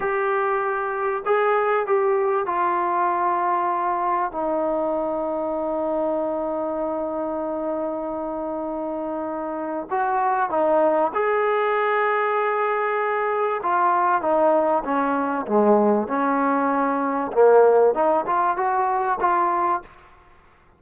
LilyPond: \new Staff \with { instrumentName = "trombone" } { \time 4/4 \tempo 4 = 97 g'2 gis'4 g'4 | f'2. dis'4~ | dis'1~ | dis'1 |
fis'4 dis'4 gis'2~ | gis'2 f'4 dis'4 | cis'4 gis4 cis'2 | ais4 dis'8 f'8 fis'4 f'4 | }